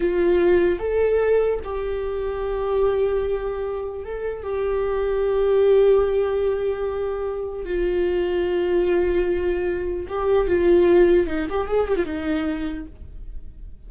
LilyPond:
\new Staff \with { instrumentName = "viola" } { \time 4/4 \tempo 4 = 149 f'2 a'2 | g'1~ | g'2 a'4 g'4~ | g'1~ |
g'2. f'4~ | f'1~ | f'4 g'4 f'2 | dis'8 g'8 gis'8 g'16 f'16 dis'2 | }